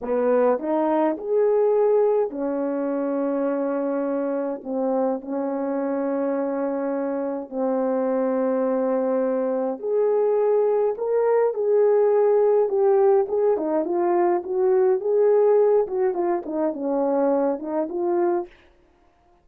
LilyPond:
\new Staff \with { instrumentName = "horn" } { \time 4/4 \tempo 4 = 104 b4 dis'4 gis'2 | cis'1 | c'4 cis'2.~ | cis'4 c'2.~ |
c'4 gis'2 ais'4 | gis'2 g'4 gis'8 dis'8 | f'4 fis'4 gis'4. fis'8 | f'8 dis'8 cis'4. dis'8 f'4 | }